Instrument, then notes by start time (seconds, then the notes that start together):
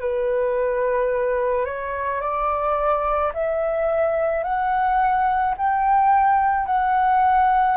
flute
0.00 B4
1.65 C#5
2.21 D5
3.34 E5
4.43 F#5
5.57 G5
6.66 F#5